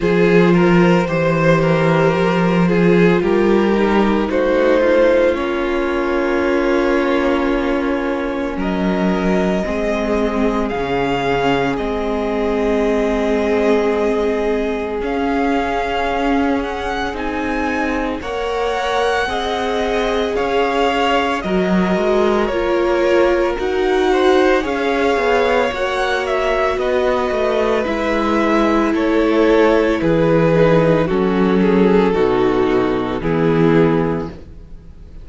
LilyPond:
<<
  \new Staff \with { instrumentName = "violin" } { \time 4/4 \tempo 4 = 56 c''2. ais'4 | c''4 cis''2. | dis''2 f''4 dis''4~ | dis''2 f''4. fis''8 |
gis''4 fis''2 f''4 | dis''4 cis''4 fis''4 f''4 | fis''8 e''8 dis''4 e''4 cis''4 | b'4 a'2 gis'4 | }
  \new Staff \with { instrumentName = "violin" } { \time 4/4 gis'8 ais'8 c''8 ais'4 gis'8 g'4 | fis'8 f'2.~ f'8 | ais'4 gis'2.~ | gis'1~ |
gis'4 cis''4 dis''4 cis''4 | ais'2~ ais'8 c''8 cis''4~ | cis''4 b'2 a'4 | gis'4 fis'8 gis'8 fis'4 e'4 | }
  \new Staff \with { instrumentName = "viola" } { \time 4/4 f'4 g'4. f'4 dis'8~ | dis'4 cis'2.~ | cis'4 c'4 cis'4 c'4~ | c'2 cis'2 |
dis'4 ais'4 gis'2 | fis'4 f'4 fis'4 gis'4 | fis'2 e'2~ | e'8 dis'8 cis'4 dis'4 b4 | }
  \new Staff \with { instrumentName = "cello" } { \time 4/4 f4 e4 f4 g4 | a4 ais2. | fis4 gis4 cis4 gis4~ | gis2 cis'2 |
c'4 ais4 c'4 cis'4 | fis8 gis8 ais4 dis'4 cis'8 b8 | ais4 b8 a8 gis4 a4 | e4 fis4 b,4 e4 | }
>>